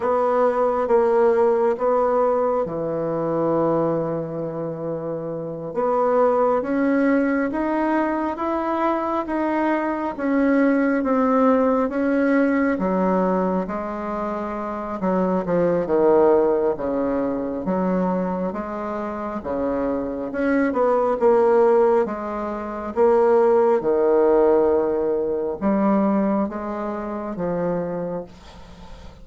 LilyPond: \new Staff \with { instrumentName = "bassoon" } { \time 4/4 \tempo 4 = 68 b4 ais4 b4 e4~ | e2~ e8 b4 cis'8~ | cis'8 dis'4 e'4 dis'4 cis'8~ | cis'8 c'4 cis'4 fis4 gis8~ |
gis4 fis8 f8 dis4 cis4 | fis4 gis4 cis4 cis'8 b8 | ais4 gis4 ais4 dis4~ | dis4 g4 gis4 f4 | }